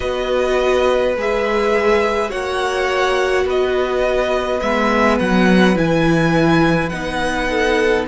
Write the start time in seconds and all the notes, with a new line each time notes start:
0.00 B3 F#4 B4 D#5
1.16 G#3 G#4 E5
2.29 A#3 F#4 C#5 F#5
3.44 B3 B4 D#5
4.60 G#3 B3 E5
5.19 F#3 F#5
5.75 E3 E4 G#5
6.89 B3 D#4 F#5
7.48 A4